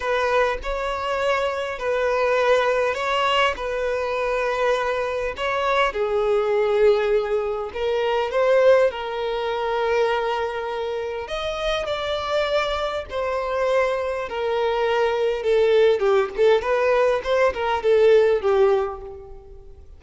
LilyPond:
\new Staff \with { instrumentName = "violin" } { \time 4/4 \tempo 4 = 101 b'4 cis''2 b'4~ | b'4 cis''4 b'2~ | b'4 cis''4 gis'2~ | gis'4 ais'4 c''4 ais'4~ |
ais'2. dis''4 | d''2 c''2 | ais'2 a'4 g'8 a'8 | b'4 c''8 ais'8 a'4 g'4 | }